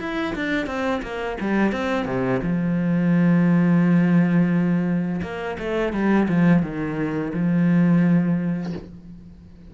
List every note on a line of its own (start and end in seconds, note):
0.00 0.35 E4
0.36 0.67 D4
0.67 1.02 C4
1.03 1.38 A#3
1.41 1.73 G3
1.73 2.06 C4
2.06 2.41 C3
2.43 5.22 F3
5.23 5.58 A#3
5.59 5.93 A3
5.93 6.28 G3
6.29 6.63 F3
6.63 7.33 D#3
7.34 8.73 F3